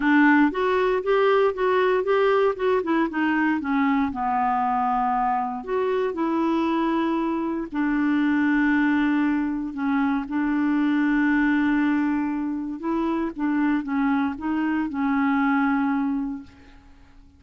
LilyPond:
\new Staff \with { instrumentName = "clarinet" } { \time 4/4 \tempo 4 = 117 d'4 fis'4 g'4 fis'4 | g'4 fis'8 e'8 dis'4 cis'4 | b2. fis'4 | e'2. d'4~ |
d'2. cis'4 | d'1~ | d'4 e'4 d'4 cis'4 | dis'4 cis'2. | }